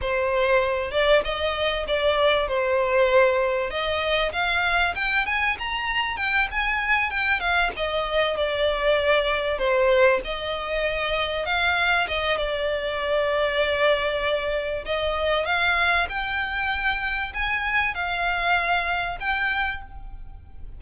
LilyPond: \new Staff \with { instrumentName = "violin" } { \time 4/4 \tempo 4 = 97 c''4. d''8 dis''4 d''4 | c''2 dis''4 f''4 | g''8 gis''8 ais''4 g''8 gis''4 g''8 | f''8 dis''4 d''2 c''8~ |
c''8 dis''2 f''4 dis''8 | d''1 | dis''4 f''4 g''2 | gis''4 f''2 g''4 | }